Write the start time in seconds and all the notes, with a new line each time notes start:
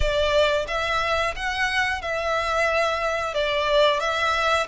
0.00 D5
0.67 E5
1.35 F#5
2.01 E5
3.34 D5
4.00 E5